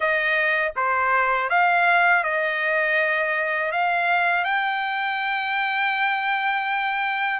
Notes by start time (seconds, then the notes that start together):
0.00 D#5
0.76 C5
1.49 F5
2.23 D#5
3.71 F5
4.44 G5